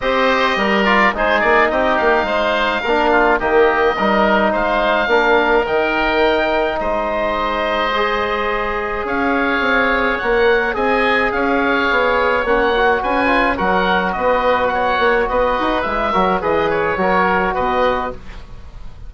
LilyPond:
<<
  \new Staff \with { instrumentName = "oboe" } { \time 4/4 \tempo 4 = 106 dis''4. d''8 c''8 d''8 dis''8 f''8~ | f''2 dis''2 | f''2 g''2 | dis''1 |
f''2 fis''4 gis''4 | f''2 fis''4 gis''4 | fis''4 dis''4 fis''4 dis''4 | e''4 dis''8 cis''4. dis''4 | }
  \new Staff \with { instrumentName = "oboe" } { \time 4/4 c''4 ais'4 gis'4 g'4 | c''4 ais'8 f'8 g'4 ais'4 | c''4 ais'2. | c''1 |
cis''2. dis''4 | cis''2. b'4 | ais'4 b'4 cis''4 b'4~ | b'8 ais'8 b'4 ais'4 b'4 | }
  \new Staff \with { instrumentName = "trombone" } { \time 4/4 g'4. f'8 dis'2~ | dis'4 d'4 ais4 dis'4~ | dis'4 d'4 dis'2~ | dis'2 gis'2~ |
gis'2 ais'4 gis'4~ | gis'2 cis'8 fis'4 f'8 | fis'1 | e'8 fis'8 gis'4 fis'2 | }
  \new Staff \with { instrumentName = "bassoon" } { \time 4/4 c'4 g4 gis8 ais8 c'8 ais8 | gis4 ais4 dis4 g4 | gis4 ais4 dis2 | gis1 |
cis'4 c'4 ais4 c'4 | cis'4 b4 ais4 cis'4 | fis4 b4. ais8 b8 dis'8 | gis8 fis8 e4 fis4 b,4 | }
>>